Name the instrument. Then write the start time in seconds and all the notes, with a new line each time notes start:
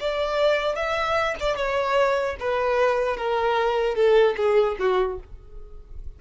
violin
0.00 D5
0.75 E5
1.40 D5
1.56 C#5
2.39 B4
3.17 A#4
3.95 A4
4.37 G#4
4.79 F#4